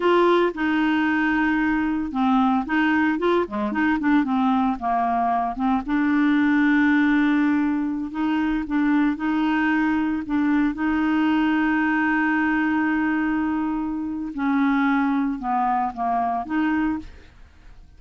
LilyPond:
\new Staff \with { instrumentName = "clarinet" } { \time 4/4 \tempo 4 = 113 f'4 dis'2. | c'4 dis'4 f'8 gis8 dis'8 d'8 | c'4 ais4. c'8 d'4~ | d'2.~ d'16 dis'8.~ |
dis'16 d'4 dis'2 d'8.~ | d'16 dis'2.~ dis'8.~ | dis'2. cis'4~ | cis'4 b4 ais4 dis'4 | }